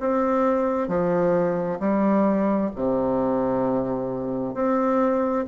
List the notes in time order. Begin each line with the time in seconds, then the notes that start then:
0.00 C4
0.88 F3
1.80 G3
2.76 C3
4.54 C4